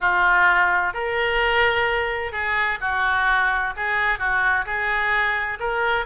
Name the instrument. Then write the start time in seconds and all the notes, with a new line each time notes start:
oboe
0.00 F4
0.93 A#4
2.32 G#4
2.80 F#4
3.76 G#4
4.18 F#4
4.65 G#4
5.59 A#4